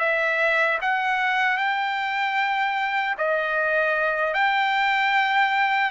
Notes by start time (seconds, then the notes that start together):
0.00 E5
0.82 F#5
1.58 G5
3.18 D#5
4.34 G5